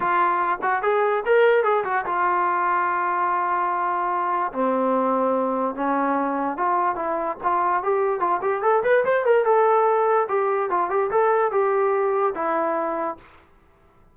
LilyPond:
\new Staff \with { instrumentName = "trombone" } { \time 4/4 \tempo 4 = 146 f'4. fis'8 gis'4 ais'4 | gis'8 fis'8 f'2.~ | f'2. c'4~ | c'2 cis'2 |
f'4 e'4 f'4 g'4 | f'8 g'8 a'8 b'8 c''8 ais'8 a'4~ | a'4 g'4 f'8 g'8 a'4 | g'2 e'2 | }